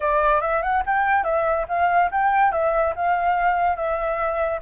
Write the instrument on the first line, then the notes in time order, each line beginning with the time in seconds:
flute
0.00 D5
0.41 E5
0.62 F#5
0.86 G5
1.24 E5
1.68 F5
2.11 G5
2.52 E5
2.95 F5
3.76 E5